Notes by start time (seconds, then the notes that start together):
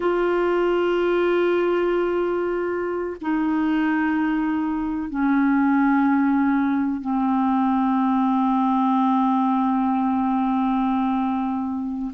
0.00 F4
3.21 D#4
5.09 C#4
7.00 C4